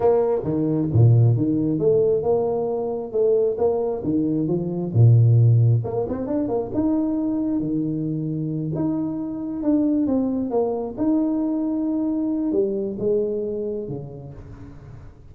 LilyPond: \new Staff \with { instrumentName = "tuba" } { \time 4/4 \tempo 4 = 134 ais4 dis4 ais,4 dis4 | a4 ais2 a4 | ais4 dis4 f4 ais,4~ | ais,4 ais8 c'8 d'8 ais8 dis'4~ |
dis'4 dis2~ dis8 dis'8~ | dis'4. d'4 c'4 ais8~ | ais8 dis'2.~ dis'8 | g4 gis2 cis4 | }